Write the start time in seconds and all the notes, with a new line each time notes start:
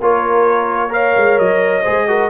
0.00 A#3 F4 A#4 C#5
0.89 A#4 C#5 F5
1.16 G#3
1.38 F#3 D#5
1.83 G#3 G#4 C5
2.08 F#4 A#4